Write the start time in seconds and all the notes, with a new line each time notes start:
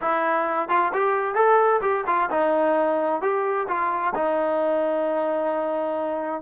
0.01 E4
0.68 F4
0.93 G4
1.34 A4
1.81 G4
2.06 F4
2.30 D#4
3.21 G4
3.67 F4
4.15 D#4